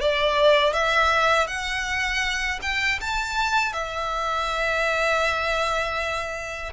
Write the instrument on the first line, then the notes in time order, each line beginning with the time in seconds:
violin
0.00 D5
0.73 E5
1.47 F#5
2.61 G5
3.00 A5
3.72 E5